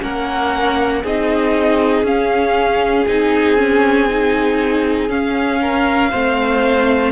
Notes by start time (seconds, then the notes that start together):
0.00 A#3 C#4 A#4 F#5
1.03 C4 D#4 G#4 D#5
2.02 C#4 F5
3.07 C4 D#4 G#5
3.57 C#4
4.08 D#4
5.08 C#4 F5
5.61 A#4
6.10 A3 C4 C5